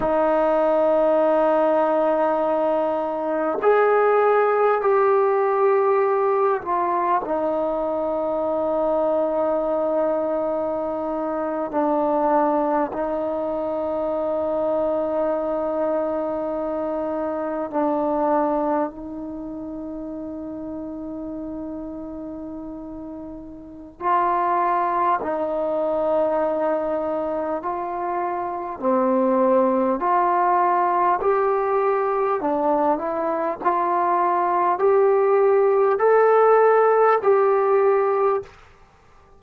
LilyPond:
\new Staff \with { instrumentName = "trombone" } { \time 4/4 \tempo 4 = 50 dis'2. gis'4 | g'4. f'8 dis'2~ | dis'4.~ dis'16 d'4 dis'4~ dis'16~ | dis'2~ dis'8. d'4 dis'16~ |
dis'1 | f'4 dis'2 f'4 | c'4 f'4 g'4 d'8 e'8 | f'4 g'4 a'4 g'4 | }